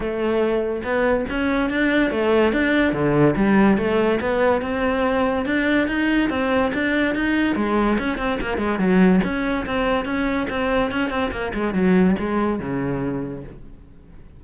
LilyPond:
\new Staff \with { instrumentName = "cello" } { \time 4/4 \tempo 4 = 143 a2 b4 cis'4 | d'4 a4 d'4 d4 | g4 a4 b4 c'4~ | c'4 d'4 dis'4 c'4 |
d'4 dis'4 gis4 cis'8 c'8 | ais8 gis8 fis4 cis'4 c'4 | cis'4 c'4 cis'8 c'8 ais8 gis8 | fis4 gis4 cis2 | }